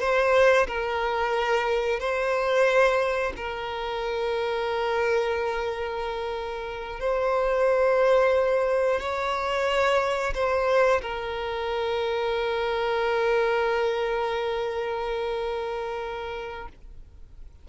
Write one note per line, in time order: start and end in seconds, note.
0.00 0.67 C5
0.67 1.99 A#4
1.99 3.33 C5
3.36 7.00 A#4
7.00 9.00 C5
9.00 10.33 C#5
10.34 11.01 C5
11.02 16.68 A#4